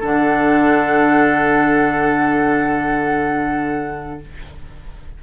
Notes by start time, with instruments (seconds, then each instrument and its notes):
0.00 bassoon D3, clarinet D4, oboe A4, flute F#5